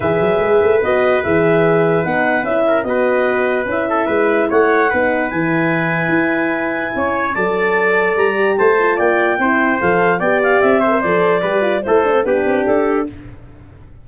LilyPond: <<
  \new Staff \with { instrumentName = "clarinet" } { \time 4/4 \tempo 4 = 147 e''2 dis''4 e''4~ | e''4 fis''4 e''4 dis''4~ | dis''4 e''2 fis''4~ | fis''4 gis''2.~ |
gis''2 a''2 | ais''4 a''4 g''2 | f''4 g''8 f''8 e''4 d''4~ | d''4 c''4 b'4 a'4 | }
  \new Staff \with { instrumentName = "trumpet" } { \time 4/4 b'1~ | b'2~ b'8 ais'8 b'4~ | b'4. a'8 b'4 cis''4 | b'1~ |
b'4 cis''4 d''2~ | d''4 c''4 d''4 c''4~ | c''4 d''4. c''4. | b'4 a'4 g'2 | }
  \new Staff \with { instrumentName = "horn" } { \time 4/4 gis'2 fis'4 gis'4~ | gis'4 dis'4 e'4 fis'4~ | fis'4 e'2. | dis'4 e'2.~ |
e'2 a'2~ | a'8 g'4 f'4. e'4 | a'4 g'4. a'16 ais'16 a'4 | g'8 f'8 e'8 d'16 c'16 d'2 | }
  \new Staff \with { instrumentName = "tuba" } { \time 4/4 e8 fis8 gis8 a8 b4 e4~ | e4 b4 cis'4 b4~ | b4 cis'4 gis4 a4 | b4 e2 e'4~ |
e'4 cis'4 fis2 | g4 a4 ais4 c'4 | f4 b4 c'4 f4 | g4 a4 b8 c'8 d'4 | }
>>